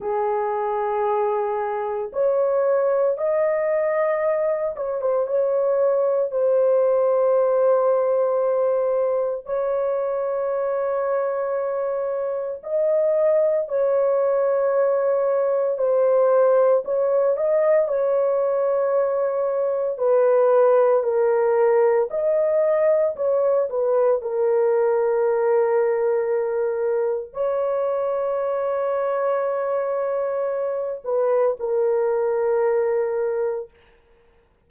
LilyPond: \new Staff \with { instrumentName = "horn" } { \time 4/4 \tempo 4 = 57 gis'2 cis''4 dis''4~ | dis''8 cis''16 c''16 cis''4 c''2~ | c''4 cis''2. | dis''4 cis''2 c''4 |
cis''8 dis''8 cis''2 b'4 | ais'4 dis''4 cis''8 b'8 ais'4~ | ais'2 cis''2~ | cis''4. b'8 ais'2 | }